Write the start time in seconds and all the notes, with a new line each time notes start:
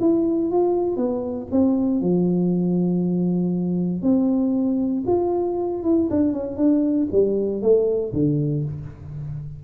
0.00 E4
0.51 F4
0.96 B3
1.51 C4
2.01 F3
4.02 C4
5.06 F4
5.83 E4
6.10 D4
6.33 C#4
6.56 D4
7.11 G3
7.62 A3
8.13 D3